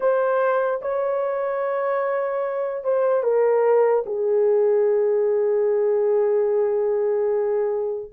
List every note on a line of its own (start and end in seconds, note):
0.00 0.80 C5
0.81 2.84 C#5
2.84 3.22 C5
3.22 4.04 A#4
4.05 8.11 G#4